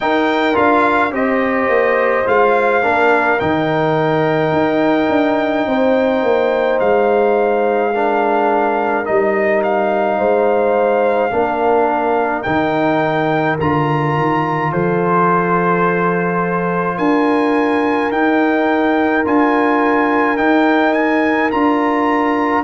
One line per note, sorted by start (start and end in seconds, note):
0.00 0.54 D#4
0.00 0.57 D#4
0.00 1.14 A#4
0.00 0.56 G5
0.54 1.12 D4
0.54 1.10 F4
0.54 1.12 F5
1.11 1.68 C4
1.11 2.25 G4
1.11 2.83 C5
1.11 2.27 D#5
1.68 2.25 A#3
2.26 2.83 G#3
2.26 2.82 F4
2.26 3.39 F5
2.82 3.40 A#3
2.82 3.38 D4
2.82 5.66 A#4
3.39 4.51 D#3
3.39 7.93 D#4
3.39 6.79 G5
4.51 5.08 D#4
5.09 5.66 D4
5.66 6.22 C4
5.66 7.93 C5
6.22 6.79 A#3
6.79 9.06 G#3
6.79 9.05 F5
7.93 9.04 D4
7.93 10.18 A#4
9.04 10.18 G3
9.04 11.30 D#4
9.04 9.62 D#5
9.63 12.42 F5
10.18 11.32 G#3
10.18 11.31 C5
11.31 12.45 A#3
11.31 12.44 D4
11.31 14.71 A#4
12.42 13.59 D#3
12.42 13.59 D#4
12.42 13.56 G5
13.59 14.16 D3
13.59 18.12 F4
13.59 14.72 A#5
14.16 14.72 D#3
14.71 16.98 F3
14.71 16.97 A4
14.71 16.97 C5
16.97 18.11 D4
16.97 22.63 A#4
16.97 18.11 G#5
18.11 19.24 D#4
18.11 19.25 D#4
18.11 19.25 G5
19.25 20.38 D4
19.25 20.37 F4
19.25 20.37 G#5
20.37 21.50 D#4
20.37 21.51 D#4
20.37 20.93 G5
20.93 21.50 G#5
21.50 22.64 D4
21.50 22.64 F4
21.50 22.64 A#5